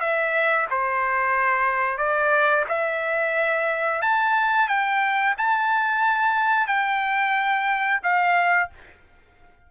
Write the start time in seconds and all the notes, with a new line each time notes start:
0.00 E5
0.70 C5
1.98 D5
2.68 E5
4.02 A5
4.68 G5
5.37 A5
6.67 G5
8.03 F5